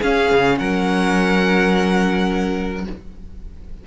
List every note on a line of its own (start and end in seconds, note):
0.00 2.85 C#4
0.00 0.32 C#4
0.00 0.57 G#4
0.00 0.58 F5
0.32 0.60 C#3
0.58 2.87 F#3
0.58 2.86 A#4
0.58 2.85 F#5